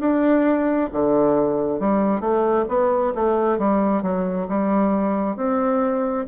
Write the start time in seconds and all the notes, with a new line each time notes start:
0.00 D4
0.92 D3
1.80 G3
2.21 A3
2.69 B3
3.15 A3
3.59 G3
4.03 F#3
4.49 G3
5.36 C4